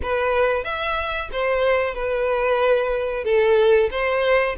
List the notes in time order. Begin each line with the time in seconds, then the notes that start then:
0.02 B4
0.63 E5
1.32 C5
1.94 B4
3.24 A4
3.90 C5